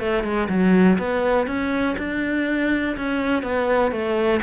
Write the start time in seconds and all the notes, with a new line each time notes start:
0.00 A3
0.24 G#3
0.49 F#3
0.99 B3
1.47 C#4
1.99 D4
2.97 C#4
3.43 B3
3.92 A3